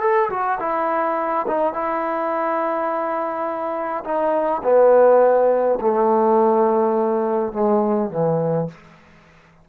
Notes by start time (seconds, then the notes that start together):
0.00 A4
0.29 F#4
0.59 E4
1.47 D#4
1.73 E4
4.04 D#4
4.63 B3
5.80 A3
7.52 G#3
8.10 E3